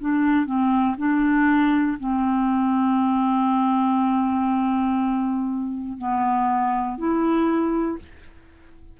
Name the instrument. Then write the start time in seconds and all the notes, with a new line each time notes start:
clarinet
0.00 D4
0.45 C4
0.98 D4
1.99 C4
5.98 B3
6.98 E4